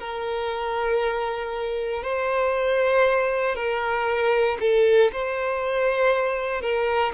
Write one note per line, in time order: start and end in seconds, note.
0.00 2.03 A#4
2.03 3.56 C5
3.56 4.58 A#4
4.60 5.11 A4
5.13 6.61 C5
6.61 7.12 A#4